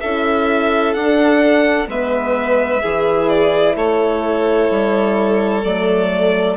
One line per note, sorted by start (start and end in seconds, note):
0.00 0.95 C#4
0.00 0.95 E4
0.00 1.89 A4
0.00 0.93 E5
0.93 1.88 D4
0.93 1.87 F#5
1.88 2.82 G#3
1.88 2.81 B3
1.88 2.82 B4
1.88 3.29 E5
2.81 3.76 E3
2.81 5.62 E4
2.81 3.76 G#4
3.29 3.75 D5
3.76 4.69 A3
3.76 6.57 A4
3.76 5.64 C#5
4.70 5.64 G3
5.64 6.57 F#3
5.64 6.57 A3
5.64 6.57 D5